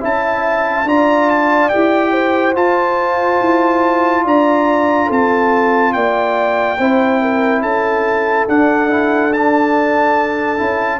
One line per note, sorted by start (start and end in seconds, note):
0.00 0.84 C#4
0.00 0.85 E4
0.00 0.86 E5
0.00 0.88 A5
0.84 1.68 D4
0.84 1.70 F4
0.84 2.11 D5
0.84 1.30 A#5
1.30 1.69 A5
1.69 2.55 E4
1.69 2.55 G4
1.69 2.53 G5
2.11 4.23 C5
2.55 6.77 F4
2.55 3.39 F4
2.55 4.25 A5
3.40 4.25 E4
4.24 5.09 D4
4.24 5.06 D5
4.24 5.11 A#5
5.06 5.94 C4
5.06 5.91 A4
5.06 5.93 A5
5.93 6.79 A#3
5.93 6.78 D5
5.93 7.62 G5
6.78 7.62 C4
6.78 8.48 E4
6.78 7.20 C5
7.21 7.61 A#4
7.61 8.47 C#4
7.61 10.99 A4
7.61 8.46 A5
8.48 10.59 D4
8.48 8.89 D4
8.48 9.33 F#5
8.89 9.31 E4
9.33 10.57 D4
9.33 10.99 A5
10.57 10.99 C#4
10.57 10.99 E4